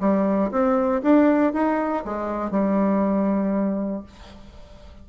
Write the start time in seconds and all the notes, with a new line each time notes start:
0.00 G3
0.51 C4
1.02 D4
1.53 D#4
2.05 G#3
2.51 G3